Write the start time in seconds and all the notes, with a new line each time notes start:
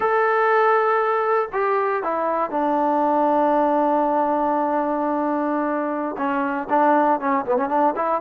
0.00 A4
1.52 G4
2.03 E4
2.50 D4
6.17 C#4
6.69 D4
7.20 C#4
7.45 B3
7.56 C#4
7.69 D4
7.95 E4